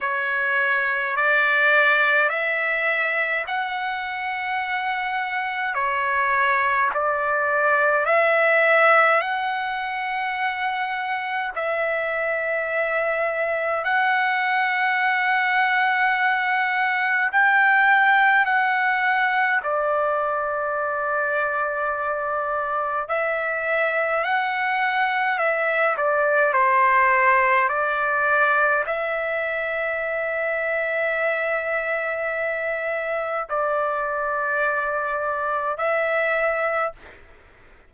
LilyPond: \new Staff \with { instrumentName = "trumpet" } { \time 4/4 \tempo 4 = 52 cis''4 d''4 e''4 fis''4~ | fis''4 cis''4 d''4 e''4 | fis''2 e''2 | fis''2. g''4 |
fis''4 d''2. | e''4 fis''4 e''8 d''8 c''4 | d''4 e''2.~ | e''4 d''2 e''4 | }